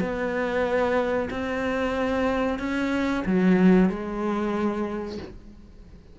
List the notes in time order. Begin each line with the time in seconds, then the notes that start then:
0.00 B3
1.30 C4
2.59 C#4
3.26 F#3
3.89 G#3